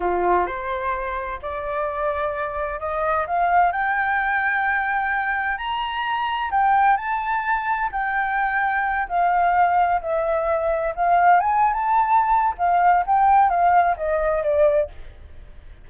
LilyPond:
\new Staff \with { instrumentName = "flute" } { \time 4/4 \tempo 4 = 129 f'4 c''2 d''4~ | d''2 dis''4 f''4 | g''1 | ais''2 g''4 a''4~ |
a''4 g''2~ g''8 f''8~ | f''4. e''2 f''8~ | f''8 gis''8. a''4.~ a''16 f''4 | g''4 f''4 dis''4 d''4 | }